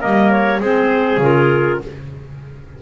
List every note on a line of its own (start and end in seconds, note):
0.00 0.60 G3
0.00 0.59 A#3
0.00 0.60 A#4
0.00 0.31 D#5
0.31 0.61 C#5
0.60 1.18 G#3
0.60 1.22 C4
0.60 1.80 G#4
0.60 1.22 C5
1.18 1.77 C#3
1.18 1.81 F4
1.18 1.82 A#4